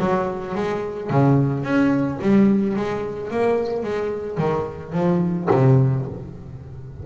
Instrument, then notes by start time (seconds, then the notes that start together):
double bass
0.00 F#3
0.55 G#3
1.11 C#3
1.63 C#4
2.22 G3
2.76 G#3
3.31 A#3
3.83 G#3
4.38 D#3
4.93 F3
5.51 C3